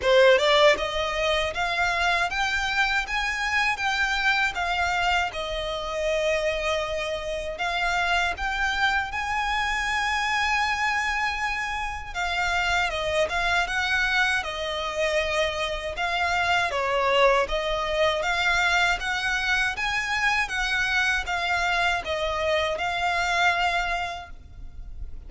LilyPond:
\new Staff \with { instrumentName = "violin" } { \time 4/4 \tempo 4 = 79 c''8 d''8 dis''4 f''4 g''4 | gis''4 g''4 f''4 dis''4~ | dis''2 f''4 g''4 | gis''1 |
f''4 dis''8 f''8 fis''4 dis''4~ | dis''4 f''4 cis''4 dis''4 | f''4 fis''4 gis''4 fis''4 | f''4 dis''4 f''2 | }